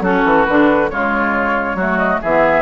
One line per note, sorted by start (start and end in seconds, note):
0.00 0.22 F#3
0.00 0.47 C#4
0.00 0.90 F#4
0.00 0.45 A4
0.24 0.46 E3
0.45 0.90 D3
0.45 0.90 D4
0.45 0.89 B4
0.90 1.75 C#3
0.90 1.77 G#3
0.90 1.76 F4
0.90 1.98 C#5
1.75 2.18 F#3
1.75 2.23 A3
1.75 2.20 F#4
1.98 2.20 D#5
2.21 2.62 E3
2.21 2.62 B3
2.21 2.62 G#4
2.21 2.62 E5